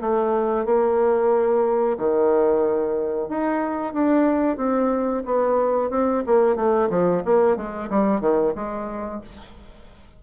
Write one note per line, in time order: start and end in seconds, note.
0.00 0.65 A3
0.65 1.97 A#3
1.97 3.28 D#3
3.28 3.93 D#4
3.93 4.57 D4
4.57 5.23 C4
5.25 5.90 B3
5.90 6.23 C4
6.26 6.55 A#3
6.55 6.88 A3
6.90 7.23 F3
7.25 7.56 A#3
7.56 7.89 G#3
7.89 8.20 G3
8.20 8.53 D#3
8.55 9.21 G#3